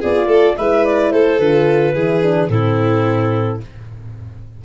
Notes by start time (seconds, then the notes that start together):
0.00 B3 F4 G#4 D5
0.27 A3 A4
0.57 G#3 E4 B4 E5
0.85 D5
1.12 A3 A4 C5
1.39 D3 F4 B4
1.94 E3 E4 G#4
2.23 D4
2.49 A2 C4 E4 A4